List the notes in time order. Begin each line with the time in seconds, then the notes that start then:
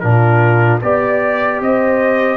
0.00 A#2 D4 F4 A#4
0.82 B3 G4 D5
1.61 C4 C5 D#5